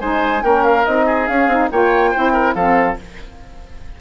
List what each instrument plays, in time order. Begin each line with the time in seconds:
0.00 bassoon G#3, saxophone D#4, oboe C5, flute G#5
0.42 bassoon A#3, saxophone C#4, oboe A#4, flute G5
0.64 flute F5
0.85 bassoon C4, saxophone D#4, flute D#5
1.06 oboe G#4
1.27 bassoon C#4, saxophone C#4, flute F5
1.47 bassoon C4, saxophone D#4
1.71 bassoon A#3, saxophone F4, oboe C#5, flute G5
2.11 saxophone E4, oboe C5
2.17 bassoon C4
2.33 oboe A#4
2.54 bassoon F3, saxophone C4, oboe A4, flute F5